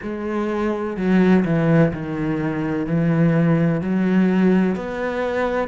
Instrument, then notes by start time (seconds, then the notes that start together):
cello
0.02 G#3
0.96 F#3
1.44 E3
1.92 D#3
2.86 E3
3.81 F#3
4.75 B3